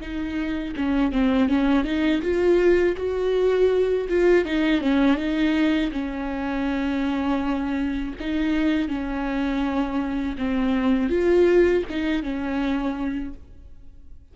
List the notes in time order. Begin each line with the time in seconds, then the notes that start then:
0.00 D#4
0.76 C#4
1.12 C4
1.48 C#4
1.84 D#4
2.22 F4
2.96 F#4
4.09 F4
4.44 D#4
4.81 C#4
5.16 D#4
5.91 C#4
8.20 D#4
8.88 C#4
10.37 C4
11.09 F4
11.89 D#4
12.22 C#4